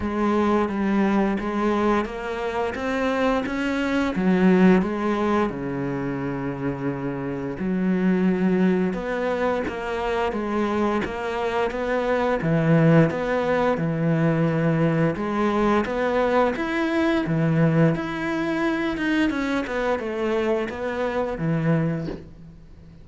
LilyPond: \new Staff \with { instrumentName = "cello" } { \time 4/4 \tempo 4 = 87 gis4 g4 gis4 ais4 | c'4 cis'4 fis4 gis4 | cis2. fis4~ | fis4 b4 ais4 gis4 |
ais4 b4 e4 b4 | e2 gis4 b4 | e'4 e4 e'4. dis'8 | cis'8 b8 a4 b4 e4 | }